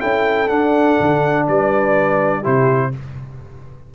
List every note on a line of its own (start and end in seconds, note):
0.00 0.49 C#4
0.00 0.48 E4
0.00 1.46 A4
0.00 0.49 G5
0.48 2.43 D4
0.48 0.98 D4
0.48 1.46 F#5
1.00 1.48 D3
1.48 2.46 G3
1.48 2.41 B4
1.48 2.45 D5
2.41 2.95 C3
2.41 2.92 E4
2.41 2.89 G4
2.41 2.94 C5